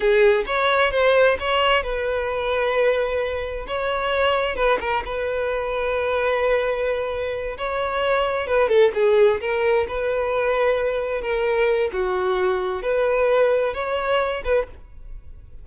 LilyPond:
\new Staff \with { instrumentName = "violin" } { \time 4/4 \tempo 4 = 131 gis'4 cis''4 c''4 cis''4 | b'1 | cis''2 b'8 ais'8 b'4~ | b'1~ |
b'8 cis''2 b'8 a'8 gis'8~ | gis'8 ais'4 b'2~ b'8~ | b'8 ais'4. fis'2 | b'2 cis''4. b'8 | }